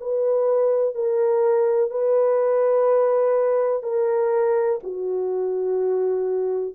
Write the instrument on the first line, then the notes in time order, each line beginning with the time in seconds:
horn
0.00 B4
0.95 A#4
1.90 B4
3.83 A#4
4.83 F#4